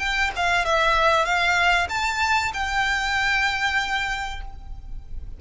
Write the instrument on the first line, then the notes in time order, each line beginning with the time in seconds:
violin
0.00 G5
0.36 F5
0.66 E5
1.26 F5
1.90 A5
2.54 G5